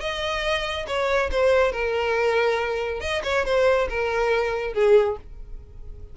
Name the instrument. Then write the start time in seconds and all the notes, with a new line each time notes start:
violin
0.00 D#5
0.87 C#5
1.31 C5
1.72 A#4
3.00 D#5
3.23 C#5
3.45 C5
3.89 A#4
4.74 G#4